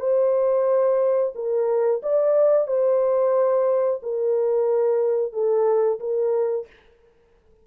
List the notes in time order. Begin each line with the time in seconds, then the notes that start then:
0.00 C5
1.35 A#4
2.03 D5
2.68 C5
4.03 A#4
5.33 A4
6.00 A#4